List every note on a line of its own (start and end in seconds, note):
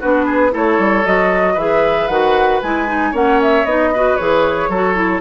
0.00 0.54 B3
0.00 0.51 D4
0.00 0.25 F#4
0.00 0.53 B4
0.25 0.51 G#4
0.51 0.78 A3
0.51 1.03 E4
0.51 1.54 A4
0.51 1.06 C#5
0.78 1.04 G3
1.05 1.56 F#3
1.05 1.57 F#4
1.05 1.58 D#5
1.54 2.08 E3
1.54 2.10 G#4
1.54 3.10 B4
1.54 2.08 E5
2.08 2.61 D#3
2.08 2.62 F#4
2.08 2.60 F#5
2.62 3.13 G#3
2.62 2.87 E4
2.62 3.14 G#5
2.87 3.13 D#4
3.11 3.64 A#3
3.11 3.65 C#4
3.11 3.89 C#5
3.11 3.41 F#5
3.42 3.65 E5
3.64 4.17 B3
3.64 3.93 D#4
3.64 4.16 D#5
3.93 4.19 F#4
3.93 4.69 B4
4.16 4.68 E3
4.16 4.71 G#4
4.16 5.20 C#5
4.68 5.20 F#3
4.68 4.95 F#4
4.68 5.20 A4
4.95 5.20 E4